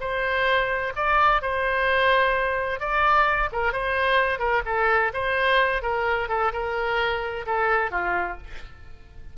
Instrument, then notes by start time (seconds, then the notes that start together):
oboe
0.00 C5
0.96 D5
1.42 C5
2.80 D5
3.52 A#4
3.72 C5
4.39 A#4
4.66 A4
5.13 C5
5.82 A#4
6.29 A4
6.53 A#4
7.46 A4
7.91 F4